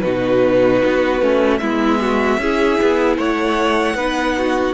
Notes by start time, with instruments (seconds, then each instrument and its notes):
0.00 cello B2, viola D#4, violin F#4 B4
0.85 cello B3
1.21 cello A3, viola C#4
1.58 cello G#3, viola B3, violin E4 E5
2.01 violin F#4
2.37 cello C#4, viola E4, violin G#4
2.81 cello B3
3.17 cello A3, violin C#5 F#5
3.94 cello B3, viola D#4, violin B4
4.38 violin F#4